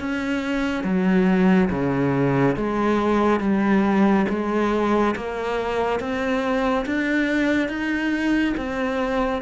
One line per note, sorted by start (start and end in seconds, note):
0.00 0.84 C#4
0.84 1.69 F#3
1.70 2.56 C#3
2.56 3.40 G#3
3.40 4.26 G3
4.29 5.15 G#3
5.15 6.00 A#3
6.00 6.85 C4
6.86 7.68 D4
7.68 8.54 D#4
8.57 9.42 C4